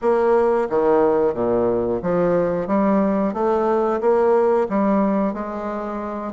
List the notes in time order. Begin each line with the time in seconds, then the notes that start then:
0.01 A#3
0.69 D#3
1.34 A#2
2.02 F3
2.67 G3
3.33 A3
4.00 A#3
4.69 G3
5.33 G#3